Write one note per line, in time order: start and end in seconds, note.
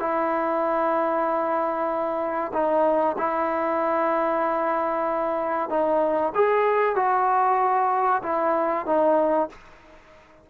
0.00 2.53 E4
2.54 3.17 D#4
3.19 5.70 E4
5.70 6.33 D#4
6.35 6.96 G#4
6.96 8.22 F#4
8.23 8.87 E4
8.87 9.50 D#4